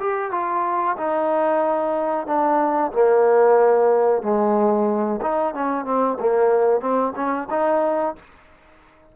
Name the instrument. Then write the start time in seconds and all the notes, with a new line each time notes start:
trombone
0.00 G4
0.32 F4
0.98 D#4
2.27 D4
2.92 A#3
4.23 G#3
5.22 D#4
5.54 C#4
5.85 C4
6.20 A#3
6.81 C4
7.16 C#4
7.51 D#4